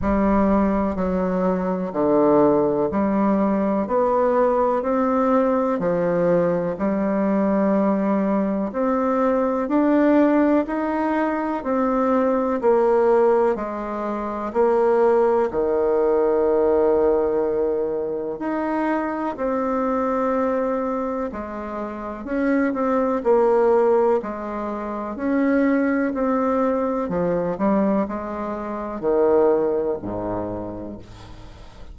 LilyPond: \new Staff \with { instrumentName = "bassoon" } { \time 4/4 \tempo 4 = 62 g4 fis4 d4 g4 | b4 c'4 f4 g4~ | g4 c'4 d'4 dis'4 | c'4 ais4 gis4 ais4 |
dis2. dis'4 | c'2 gis4 cis'8 c'8 | ais4 gis4 cis'4 c'4 | f8 g8 gis4 dis4 gis,4 | }